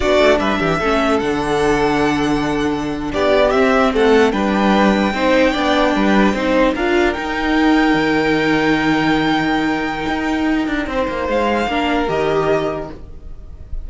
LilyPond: <<
  \new Staff \with { instrumentName = "violin" } { \time 4/4 \tempo 4 = 149 d''4 e''2 fis''4~ | fis''2.~ fis''8. d''16~ | d''8. e''4 fis''4 g''4~ g''16~ | g''1~ |
g''8. f''4 g''2~ g''16~ | g''1~ | g''1 | f''2 dis''2 | }
  \new Staff \with { instrumentName = "violin" } { \time 4/4 fis'4 b'8 g'8 a'2~ | a'2.~ a'8. g'16~ | g'4.~ g'16 a'4 b'4~ b'16~ | b'8. c''4 d''4 b'4 c''16~ |
c''8. ais'2.~ ais'16~ | ais'1~ | ais'2. c''4~ | c''4 ais'2. | }
  \new Staff \with { instrumentName = "viola" } { \time 4/4 d'2 cis'4 d'4~ | d'1~ | d'8. c'2 d'4~ d'16~ | d'8. dis'4 d'2 dis'16~ |
dis'8. f'4 dis'2~ dis'16~ | dis'1~ | dis'1~ | dis'4 d'4 g'2 | }
  \new Staff \with { instrumentName = "cello" } { \time 4/4 b8 a8 g8 e8 a4 d4~ | d2.~ d8. b16~ | b8. c'4 a4 g4~ g16~ | g8. c'4 b4 g4 c'16~ |
c'8. d'4 dis'2 dis16~ | dis1~ | dis4 dis'4. d'8 c'8 ais8 | gis4 ais4 dis2 | }
>>